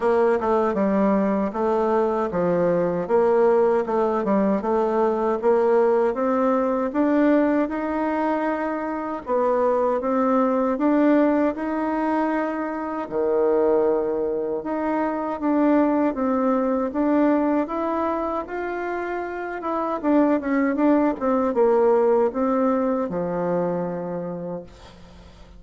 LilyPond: \new Staff \with { instrumentName = "bassoon" } { \time 4/4 \tempo 4 = 78 ais8 a8 g4 a4 f4 | ais4 a8 g8 a4 ais4 | c'4 d'4 dis'2 | b4 c'4 d'4 dis'4~ |
dis'4 dis2 dis'4 | d'4 c'4 d'4 e'4 | f'4. e'8 d'8 cis'8 d'8 c'8 | ais4 c'4 f2 | }